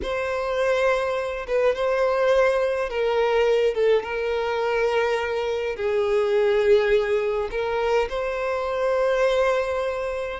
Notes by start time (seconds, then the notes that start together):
0.02 C5
1.47 B4
1.75 C5
2.89 A#4
3.74 A4
4.03 A#4
5.76 G#4
7.50 A#4
8.09 C5